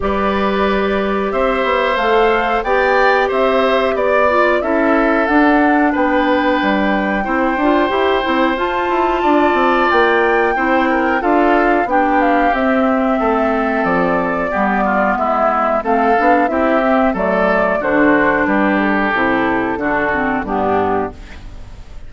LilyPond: <<
  \new Staff \with { instrumentName = "flute" } { \time 4/4 \tempo 4 = 91 d''2 e''4 f''4 | g''4 e''4 d''4 e''4 | fis''4 g''2.~ | g''4 a''2 g''4~ |
g''4 f''4 g''8 f''8 e''4~ | e''4 d''2 e''4 | f''4 e''4 d''4 c''4 | b'8 a'2~ a'8 g'4 | }
  \new Staff \with { instrumentName = "oboe" } { \time 4/4 b'2 c''2 | d''4 c''4 d''4 a'4~ | a'4 b'2 c''4~ | c''2 d''2 |
c''8 ais'8 a'4 g'2 | a'2 g'8 f'8 e'4 | a'4 g'4 a'4 fis'4 | g'2 fis'4 d'4 | }
  \new Staff \with { instrumentName = "clarinet" } { \time 4/4 g'2. a'4 | g'2~ g'8 f'8 e'4 | d'2. e'8 f'8 | g'8 e'8 f'2. |
e'4 f'4 d'4 c'4~ | c'2 b2 | c'8 d'8 e'8 c'8 a4 d'4~ | d'4 e'4 d'8 c'8 b4 | }
  \new Staff \with { instrumentName = "bassoon" } { \time 4/4 g2 c'8 b8 a4 | b4 c'4 b4 cis'4 | d'4 b4 g4 c'8 d'8 | e'8 c'8 f'8 e'8 d'8 c'8 ais4 |
c'4 d'4 b4 c'4 | a4 f4 g4 gis4 | a8 b8 c'4 fis4 d4 | g4 c4 d4 g,4 | }
>>